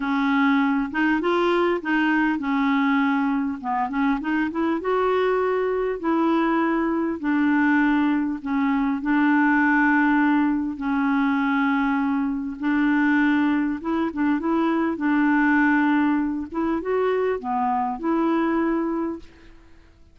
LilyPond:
\new Staff \with { instrumentName = "clarinet" } { \time 4/4 \tempo 4 = 100 cis'4. dis'8 f'4 dis'4 | cis'2 b8 cis'8 dis'8 e'8 | fis'2 e'2 | d'2 cis'4 d'4~ |
d'2 cis'2~ | cis'4 d'2 e'8 d'8 | e'4 d'2~ d'8 e'8 | fis'4 b4 e'2 | }